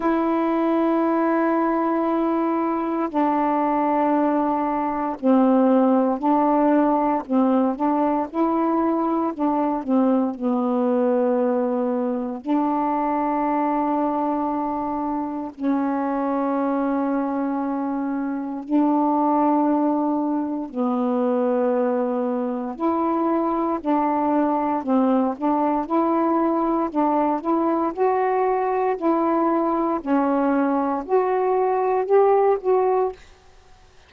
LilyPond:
\new Staff \with { instrumentName = "saxophone" } { \time 4/4 \tempo 4 = 58 e'2. d'4~ | d'4 c'4 d'4 c'8 d'8 | e'4 d'8 c'8 b2 | d'2. cis'4~ |
cis'2 d'2 | b2 e'4 d'4 | c'8 d'8 e'4 d'8 e'8 fis'4 | e'4 cis'4 fis'4 g'8 fis'8 | }